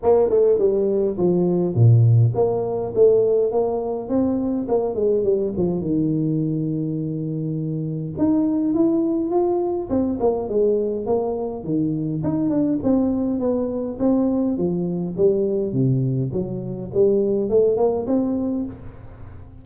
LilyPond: \new Staff \with { instrumentName = "tuba" } { \time 4/4 \tempo 4 = 103 ais8 a8 g4 f4 ais,4 | ais4 a4 ais4 c'4 | ais8 gis8 g8 f8 dis2~ | dis2 dis'4 e'4 |
f'4 c'8 ais8 gis4 ais4 | dis4 dis'8 d'8 c'4 b4 | c'4 f4 g4 c4 | fis4 g4 a8 ais8 c'4 | }